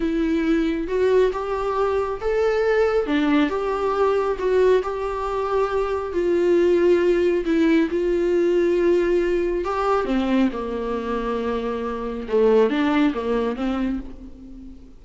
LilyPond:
\new Staff \with { instrumentName = "viola" } { \time 4/4 \tempo 4 = 137 e'2 fis'4 g'4~ | g'4 a'2 d'4 | g'2 fis'4 g'4~ | g'2 f'2~ |
f'4 e'4 f'2~ | f'2 g'4 c'4 | ais1 | a4 d'4 ais4 c'4 | }